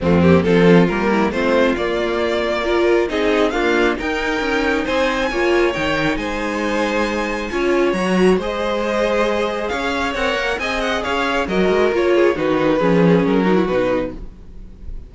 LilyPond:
<<
  \new Staff \with { instrumentName = "violin" } { \time 4/4 \tempo 4 = 136 f'8 g'8 a'4 ais'4 c''4 | d''2. dis''4 | f''4 g''2 gis''4~ | gis''4 g''4 gis''2~ |
gis''2 ais''4 dis''4~ | dis''2 f''4 fis''4 | gis''8 fis''8 f''4 dis''4 cis''4 | b'2 ais'4 b'4 | }
  \new Staff \with { instrumentName = "violin" } { \time 4/4 c'4 f'4. e'8 f'4~ | f'2 ais'4 gis'4 | f'4 ais'2 c''4 | cis''2 c''2~ |
c''4 cis''2 c''4~ | c''2 cis''2 | dis''4 cis''4 ais'4. gis'8 | fis'4 gis'4. fis'4. | }
  \new Staff \with { instrumentName = "viola" } { \time 4/4 a8 ais8 c'4 ais4 c'4 | ais2 f'4 dis'4 | ais4 dis'2. | f'4 dis'2.~ |
dis'4 f'4 fis'4 gis'4~ | gis'2. ais'4 | gis'2 fis'4 f'4 | dis'4 cis'4. dis'16 e'16 dis'4 | }
  \new Staff \with { instrumentName = "cello" } { \time 4/4 f,4 f4 g4 a4 | ais2. c'4 | d'4 dis'4 cis'4 c'4 | ais4 dis4 gis2~ |
gis4 cis'4 fis4 gis4~ | gis2 cis'4 c'8 ais8 | c'4 cis'4 fis8 gis8 ais4 | dis4 f4 fis4 b,4 | }
>>